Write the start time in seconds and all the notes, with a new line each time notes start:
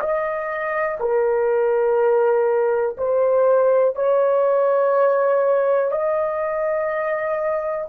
0.00 D#5
1.00 A#4
2.97 C5
3.95 C#5
5.92 D#5